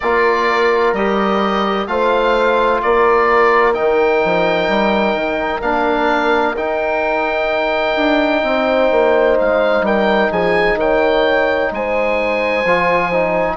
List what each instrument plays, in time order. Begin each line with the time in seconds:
0.00 bassoon A#3, trombone F4, horn A#4, oboe D5
0.93 bassoon G3, trombone G4, oboe D#5
1.87 bassoon A3, trombone F4, horn C5, oboe F5
2.82 bassoon A#3, horn A#4, oboe D5
3.73 bassoon D#3, trombone D#4, oboe G5
4.24 bassoon F3
4.68 bassoon G3
5.14 bassoon D#3
5.61 bassoon A#3, trombone D4, oboe F5
6.55 trombone D#4, bassoon D#4, oboe G5
7.96 bassoon D4
8.42 bassoon C4, horn C5
8.91 bassoon A#3
9.38 bassoon G#3, oboe F5
9.81 bassoon G3, horn A#4, oboe G5
10.31 bassoon F3, horn G#4, oboe G#5
10.75 bassoon D#3, horn C#5, oboe G5
11.71 bassoon G#3, horn C5, oboe G#5
12.64 bassoon F3, trombone F4
13.12 trombone D#4